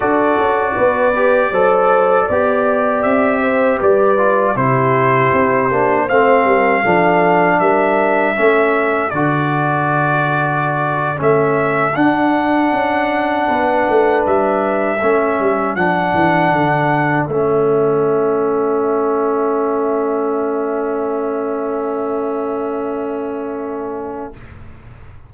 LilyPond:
<<
  \new Staff \with { instrumentName = "trumpet" } { \time 4/4 \tempo 4 = 79 d''1 | e''4 d''4 c''2 | f''2 e''2 | d''2~ d''8. e''4 fis''16~ |
fis''2~ fis''8. e''4~ e''16~ | e''8. fis''2 e''4~ e''16~ | e''1~ | e''1 | }
  \new Staff \with { instrumentName = "horn" } { \time 4/4 a'4 b'4 c''4 d''4~ | d''8 c''8 b'4 g'2 | c''8 ais'8 a'4 ais'4 a'4~ | a'1~ |
a'4.~ a'16 b'2 a'16~ | a'1~ | a'1~ | a'1 | }
  \new Staff \with { instrumentName = "trombone" } { \time 4/4 fis'4. g'8 a'4 g'4~ | g'4. f'8 e'4. d'8 | c'4 d'2 cis'4 | fis'2~ fis'8. cis'4 d'16~ |
d'2.~ d'8. cis'16~ | cis'8. d'2 cis'4~ cis'16~ | cis'1~ | cis'1 | }
  \new Staff \with { instrumentName = "tuba" } { \time 4/4 d'8 cis'8 b4 fis4 b4 | c'4 g4 c4 c'8 ais8 | a8 g8 f4 g4 a4 | d2~ d8. a4 d'16~ |
d'8. cis'4 b8 a8 g4 a16~ | a16 g8 f8 e8 d4 a4~ a16~ | a1~ | a1 | }
>>